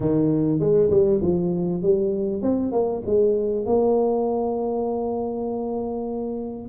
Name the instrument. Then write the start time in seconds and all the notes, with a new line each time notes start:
tuba
0.00 D#3
0.59 G#3
0.90 G3
1.21 F3
1.82 G3
2.42 C4
2.72 A#3
3.06 G#3
3.65 A#3